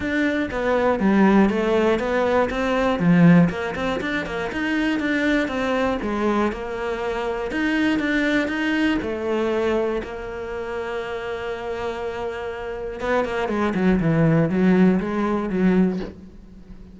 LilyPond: \new Staff \with { instrumentName = "cello" } { \time 4/4 \tempo 4 = 120 d'4 b4 g4 a4 | b4 c'4 f4 ais8 c'8 | d'8 ais8 dis'4 d'4 c'4 | gis4 ais2 dis'4 |
d'4 dis'4 a2 | ais1~ | ais2 b8 ais8 gis8 fis8 | e4 fis4 gis4 fis4 | }